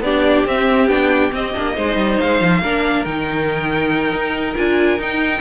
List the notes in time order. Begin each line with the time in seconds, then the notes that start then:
0.00 B3 D4 G4 D5
0.45 C4 E5
0.87 B3 D4 G5
1.32 C4 D#5
1.53 A#3 D4
1.75 G#3 D#4 C5
1.96 G3
2.20 G#3 F5
2.40 F3
2.61 A#3 D4 A#4
3.04 D#3 D#4 G5
4.12 D#4
4.55 D4 F4 G#5
4.98 D#4 G5